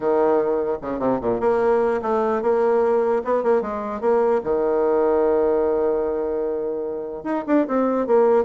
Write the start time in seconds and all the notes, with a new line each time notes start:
0.00 D#3
0.81 C#3
0.99 C3
1.21 A#2
1.40 A#3
2.02 A3
2.42 A#3
3.24 B3
3.43 A#3
3.61 G#3
4.00 A#3
4.43 D#3
7.23 D#4
7.46 D4
7.67 C4
8.06 A#3